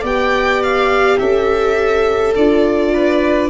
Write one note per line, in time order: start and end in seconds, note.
0.00 1.18 B3
0.00 2.34 G4
0.00 1.15 D5
0.00 0.62 G5
0.62 1.18 F5
1.18 2.35 C#4
1.18 2.93 A4
1.18 2.33 E5
2.35 3.50 D4
2.35 3.50 F4
2.35 3.50 D5
2.93 3.50 B4